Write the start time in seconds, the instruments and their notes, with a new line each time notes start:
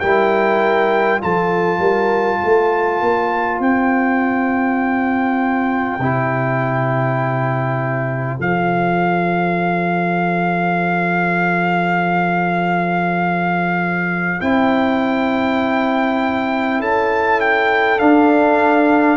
0.00 tuba G3, trombone E4, horn A#4, trumpet G5
1.20 tuba F3, trombone F4, horn A4, trumpet A5
1.79 tuba G3, horn A#4
2.39 tuba A3, horn C5
3.00 tuba A#3
3.60 tuba C4, trumpet G5
5.99 tuba C3, trombone E4
8.38 tuba F3, trombone A4, trumpet F5
14.40 tuba C4, trombone E4, trumpet G5
16.80 tuba C#4, horn A4, trumpet A5
17.40 trumpet G5
17.98 trombone D4, tuba D4, trumpet F5